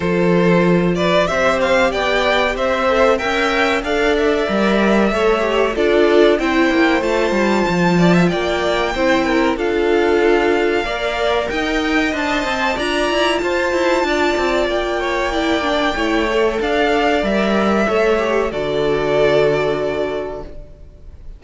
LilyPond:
<<
  \new Staff \with { instrumentName = "violin" } { \time 4/4 \tempo 4 = 94 c''4. d''8 e''8 f''8 g''4 | e''4 g''4 f''8 e''4.~ | e''4 d''4 g''4 a''4~ | a''4 g''2 f''4~ |
f''2 g''4 a''4 | ais''4 a''2 g''4~ | g''2 f''4 e''4~ | e''4 d''2. | }
  \new Staff \with { instrumentName = "violin" } { \time 4/4 a'4. b'8 c''4 d''4 | c''4 e''4 d''2 | cis''4 a'4 c''2~ | c''8 d''16 e''16 d''4 c''8 ais'8 a'4~ |
a'4 d''4 dis''2 | d''4 c''4 d''4. cis''8 | d''4 cis''4 d''2 | cis''4 a'2. | }
  \new Staff \with { instrumentName = "viola" } { \time 4/4 f'2 g'2~ | g'8 a'8 ais'4 a'4 ais'4 | a'8 g'8 f'4 e'4 f'4~ | f'2 e'4 f'4~ |
f'4 ais'2 c''4 | f'1 | e'8 d'8 e'8 a'4. ais'4 | a'8 g'8 fis'2. | }
  \new Staff \with { instrumentName = "cello" } { \time 4/4 f2 c'4 b4 | c'4 cis'4 d'4 g4 | a4 d'4 c'8 ais8 a8 g8 | f4 ais4 c'4 d'4~ |
d'4 ais4 dis'4 d'8 c'8 | d'8 e'8 f'8 e'8 d'8 c'8 ais4~ | ais4 a4 d'4 g4 | a4 d2. | }
>>